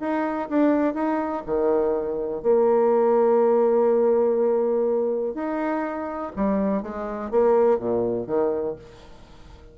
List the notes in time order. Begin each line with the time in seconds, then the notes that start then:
0.00 D#4
0.49 D4
0.94 D#4
1.46 D#3
2.43 A#3
5.35 D#4
6.36 G3
6.83 G#3
7.31 A#3
7.79 A#2
8.27 D#3